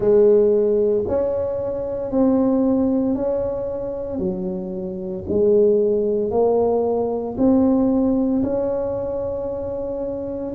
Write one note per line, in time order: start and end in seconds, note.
0.00 1.04 G#3
1.07 2.11 C#4
2.11 3.15 C4
3.15 4.18 C#4
4.18 5.23 F#3
5.28 6.30 G#3
6.30 7.35 A#3
7.37 8.43 C4
8.43 10.54 C#4